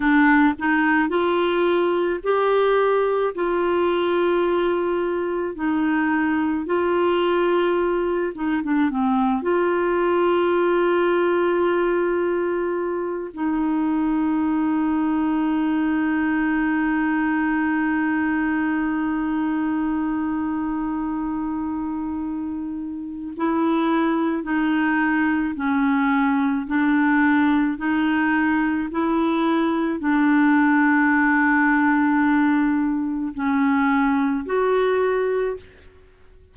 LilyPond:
\new Staff \with { instrumentName = "clarinet" } { \time 4/4 \tempo 4 = 54 d'8 dis'8 f'4 g'4 f'4~ | f'4 dis'4 f'4. dis'16 d'16 | c'8 f'2.~ f'8 | dis'1~ |
dis'1~ | dis'4 e'4 dis'4 cis'4 | d'4 dis'4 e'4 d'4~ | d'2 cis'4 fis'4 | }